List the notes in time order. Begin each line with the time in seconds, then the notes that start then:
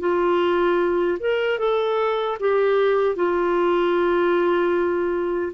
0.00 F4
1.19 A#4
1.59 A4
2.40 G4
3.16 F4